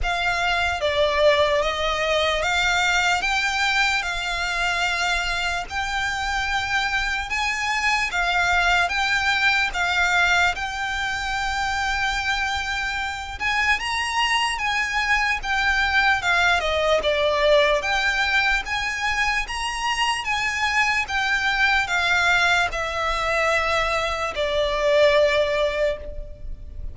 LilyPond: \new Staff \with { instrumentName = "violin" } { \time 4/4 \tempo 4 = 74 f''4 d''4 dis''4 f''4 | g''4 f''2 g''4~ | g''4 gis''4 f''4 g''4 | f''4 g''2.~ |
g''8 gis''8 ais''4 gis''4 g''4 | f''8 dis''8 d''4 g''4 gis''4 | ais''4 gis''4 g''4 f''4 | e''2 d''2 | }